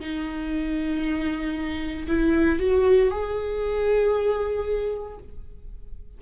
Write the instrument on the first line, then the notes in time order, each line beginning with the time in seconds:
viola
0.00 D#4
2.07 E4
2.59 F#4
3.11 G#4